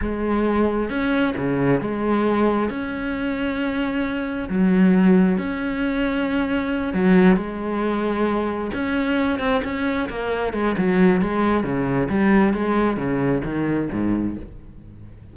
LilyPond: \new Staff \with { instrumentName = "cello" } { \time 4/4 \tempo 4 = 134 gis2 cis'4 cis4 | gis2 cis'2~ | cis'2 fis2 | cis'2.~ cis'8 fis8~ |
fis8 gis2. cis'8~ | cis'4 c'8 cis'4 ais4 gis8 | fis4 gis4 cis4 g4 | gis4 cis4 dis4 gis,4 | }